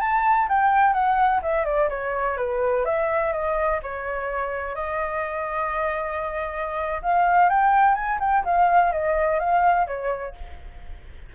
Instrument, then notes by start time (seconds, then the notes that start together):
flute
0.00 A5
0.48 G5
0.93 F#5
1.42 E5
1.65 D5
1.89 C#5
2.37 B4
2.85 E5
3.32 D#5
3.83 C#5
4.75 D#5
7.02 F5
7.49 G5
7.95 G#5
8.20 G5
8.44 F5
8.92 D#5
9.39 F5
9.87 C#5